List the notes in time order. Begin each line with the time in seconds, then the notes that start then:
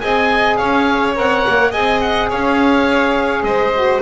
0.00 C4 G#4 D#5 G#5
0.57 C#4 C#5 F5
1.13 C4 A#4 F#5
1.48 A#3
1.71 C4 G#4 D#5 G#5
2.01 F#5
2.29 C#4 C#5 F5
3.42 G#3 C5 D#5
3.74 F#4